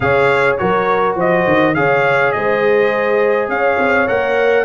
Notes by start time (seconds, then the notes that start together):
0.00 C#3 G#4 C#5 F5
0.57 F#3 F#4 A#4 C#5
1.15 F3 C5 D#5
1.47 D#3
1.74 C#3 G#4 C#5 F5
2.32 G#3 C5 D#5
3.48 C#4 C#5 F5
3.78 C4
4.07 A#3 A#4 F#5